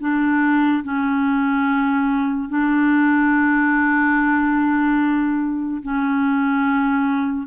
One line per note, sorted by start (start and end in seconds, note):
0.00 0.83 D4
0.84 2.49 C#4
2.49 5.82 D4
5.83 7.47 C#4